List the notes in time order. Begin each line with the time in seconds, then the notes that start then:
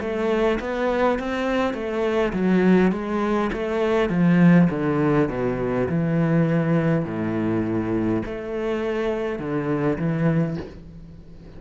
0.00 A3
0.60 B3
1.19 C4
1.73 A3
2.33 F#3
2.91 G#3
3.52 A3
4.09 F3
4.70 D3
5.28 B2
5.89 E3
7.05 A2
8.25 A3
9.39 D3
9.98 E3